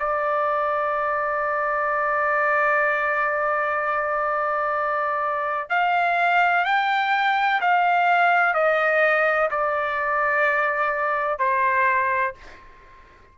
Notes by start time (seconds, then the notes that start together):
0.00 D5
5.70 F5
6.65 G5
7.61 F5
8.55 D#5
9.51 D5
11.39 C5